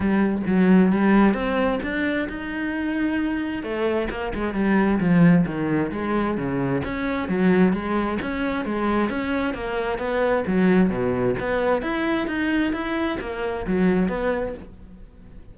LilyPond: \new Staff \with { instrumentName = "cello" } { \time 4/4 \tempo 4 = 132 g4 fis4 g4 c'4 | d'4 dis'2. | a4 ais8 gis8 g4 f4 | dis4 gis4 cis4 cis'4 |
fis4 gis4 cis'4 gis4 | cis'4 ais4 b4 fis4 | b,4 b4 e'4 dis'4 | e'4 ais4 fis4 b4 | }